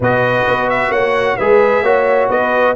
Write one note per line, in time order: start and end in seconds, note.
0.00 0.45 B2
0.00 1.40 F#4
0.00 0.90 B4
0.00 0.69 D#5
0.47 0.90 B3
0.69 0.92 E5
0.90 1.36 A#3
0.90 1.36 C#5
0.90 1.36 F#5
1.36 1.82 G#3
1.36 1.84 G#4
1.36 1.83 B4
1.36 2.28 E5
1.82 2.28 A#3
1.82 2.75 F#4
1.82 2.28 C#5
2.28 2.75 B3
2.28 2.74 B4
2.28 2.75 D#5